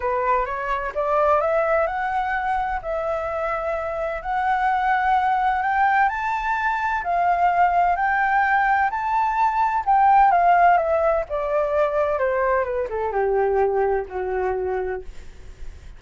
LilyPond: \new Staff \with { instrumentName = "flute" } { \time 4/4 \tempo 4 = 128 b'4 cis''4 d''4 e''4 | fis''2 e''2~ | e''4 fis''2. | g''4 a''2 f''4~ |
f''4 g''2 a''4~ | a''4 g''4 f''4 e''4 | d''2 c''4 b'8 a'8 | g'2 fis'2 | }